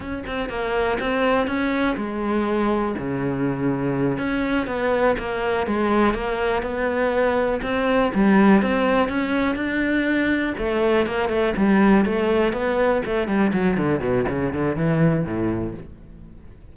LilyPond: \new Staff \with { instrumentName = "cello" } { \time 4/4 \tempo 4 = 122 cis'8 c'8 ais4 c'4 cis'4 | gis2 cis2~ | cis8 cis'4 b4 ais4 gis8~ | gis8 ais4 b2 c'8~ |
c'8 g4 c'4 cis'4 d'8~ | d'4. a4 ais8 a8 g8~ | g8 a4 b4 a8 g8 fis8 | d8 b,8 cis8 d8 e4 a,4 | }